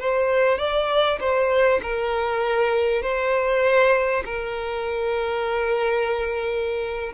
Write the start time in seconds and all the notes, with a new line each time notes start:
0.00 C5
0.59 D5
1.21 C5
1.83 A#4
3.02 C5
4.25 A#4